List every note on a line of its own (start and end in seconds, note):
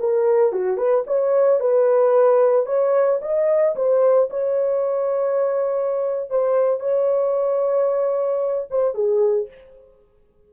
0.00 0.53 A#4
0.53 0.78 F#4
0.78 1.05 B4
1.07 1.60 C#5
1.60 2.67 B4
2.67 3.20 C#5
3.22 3.76 D#5
3.76 4.30 C5
4.30 6.30 C#5
6.30 6.81 C5
6.81 8.68 C#5
8.71 8.95 C5
8.95 9.48 G#4